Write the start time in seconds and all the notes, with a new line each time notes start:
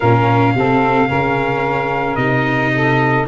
0.00 A#2 C#4 A#4 F5
0.54 C3 C4 A4
1.08 C#3 C#4 A#4
2.15 C3 D#4 D#5
2.73 A4